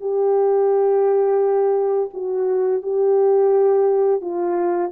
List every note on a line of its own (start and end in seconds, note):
0.00 2.10 G4
2.13 2.82 F#4
2.82 4.21 G4
4.21 4.91 F4